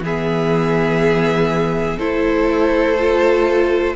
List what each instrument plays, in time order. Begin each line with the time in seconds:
0.00 cello E3, viola B3, violin G#4
0.06 violin E5
1.98 cello A3, viola E4, violin A4 C5
2.99 viola F4